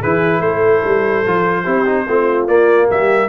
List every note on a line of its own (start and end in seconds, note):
0.00 0.40 E3
0.00 1.26 E4
0.00 0.41 G#4
0.00 0.41 B4
0.40 0.81 A3
0.40 1.64 A4
0.40 2.47 C5
0.84 1.25 G3
1.26 1.66 F3
1.26 1.65 F4
1.64 2.07 C4
1.64 1.85 E4
1.64 2.05 G4
1.86 2.06 D#4
2.07 2.48 A3
2.07 2.47 C4
2.07 2.88 F4
2.47 3.29 A#3
2.47 2.89 A#3
2.47 2.88 D5
2.88 3.29 G3
2.88 3.29 G4
2.88 3.29 E5